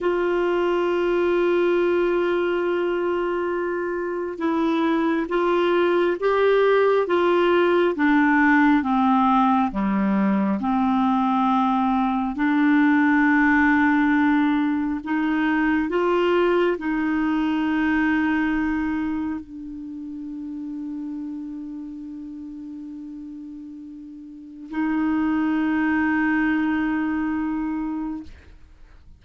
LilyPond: \new Staff \with { instrumentName = "clarinet" } { \time 4/4 \tempo 4 = 68 f'1~ | f'4 e'4 f'4 g'4 | f'4 d'4 c'4 g4 | c'2 d'2~ |
d'4 dis'4 f'4 dis'4~ | dis'2 d'2~ | d'1 | dis'1 | }